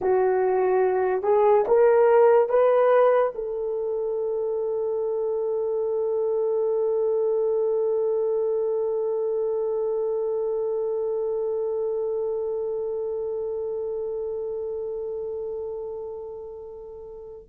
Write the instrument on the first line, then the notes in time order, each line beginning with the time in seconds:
horn
0.01 F#4
1.23 G#4
1.67 A#4
2.49 B4
3.34 A4